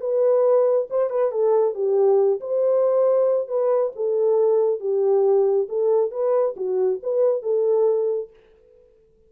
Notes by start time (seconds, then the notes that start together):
0.00 B4
0.90 C5
1.10 B4
1.31 A4
1.74 G4
2.40 C5
3.48 B4
3.95 A4
4.80 G4
5.69 A4
6.11 B4
6.56 F#4
7.02 B4
7.42 A4